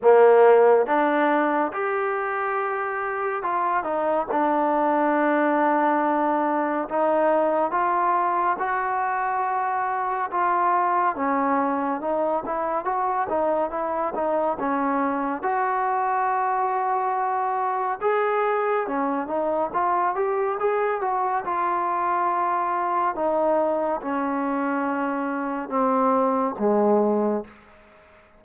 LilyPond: \new Staff \with { instrumentName = "trombone" } { \time 4/4 \tempo 4 = 70 ais4 d'4 g'2 | f'8 dis'8 d'2. | dis'4 f'4 fis'2 | f'4 cis'4 dis'8 e'8 fis'8 dis'8 |
e'8 dis'8 cis'4 fis'2~ | fis'4 gis'4 cis'8 dis'8 f'8 g'8 | gis'8 fis'8 f'2 dis'4 | cis'2 c'4 gis4 | }